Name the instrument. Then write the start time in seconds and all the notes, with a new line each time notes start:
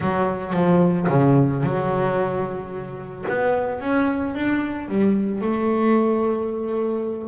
double bass
0.00 F#3
0.53 F3
1.09 C#3
1.63 F#3
3.28 B3
3.80 C#4
4.34 D4
4.88 G3
5.41 A3